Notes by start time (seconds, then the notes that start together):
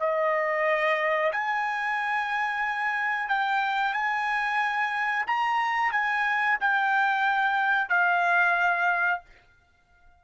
0.00 D#5
1.33 G#5
3.29 G5
3.94 G#5
5.27 A#5
5.92 G#5
6.61 G5
7.89 F5